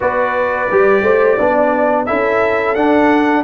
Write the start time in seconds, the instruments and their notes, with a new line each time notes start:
0.00 tuba B3, trombone F#4, horn B4, trumpet D5
0.70 tuba G3, trombone G4
1.02 tuba A3, horn C5
1.37 tuba B3, trombone D4, horn D5
2.05 tuba C#4, trombone E4, horn A4, trumpet E5
2.74 tuba D4, trombone D4, trumpet F#5